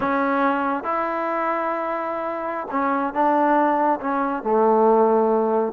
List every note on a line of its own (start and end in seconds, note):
0.00 0.83 C#4
0.83 2.67 E4
2.71 3.13 C#4
3.13 3.99 D4
4.00 4.43 C#4
4.43 5.73 A3